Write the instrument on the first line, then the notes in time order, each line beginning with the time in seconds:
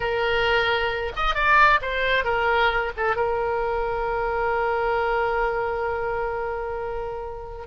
oboe
0.00 A#4
1.16 D#5
1.34 D5
1.81 C5
2.24 A#4
2.96 A4
3.15 A#4